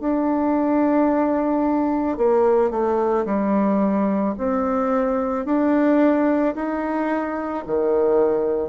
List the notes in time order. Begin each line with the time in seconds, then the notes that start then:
0.00 D4
2.17 A#3
2.70 A3
3.25 G3
4.37 C4
5.45 D4
6.55 D#4
7.67 D#3